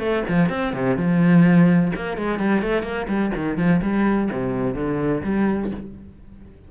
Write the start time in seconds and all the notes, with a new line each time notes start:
0.00 A3
0.29 F3
0.50 C4
0.74 C3
0.97 F3
1.96 A#3
2.18 G#3
2.39 G3
2.63 A3
2.84 A#3
3.08 G3
3.36 D#3
3.58 F3
3.83 G3
4.32 C3
4.75 D3
5.24 G3